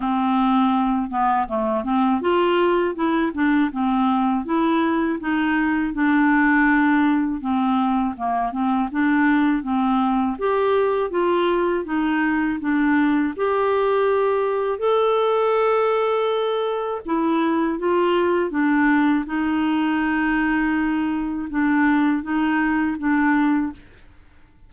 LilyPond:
\new Staff \with { instrumentName = "clarinet" } { \time 4/4 \tempo 4 = 81 c'4. b8 a8 c'8 f'4 | e'8 d'8 c'4 e'4 dis'4 | d'2 c'4 ais8 c'8 | d'4 c'4 g'4 f'4 |
dis'4 d'4 g'2 | a'2. e'4 | f'4 d'4 dis'2~ | dis'4 d'4 dis'4 d'4 | }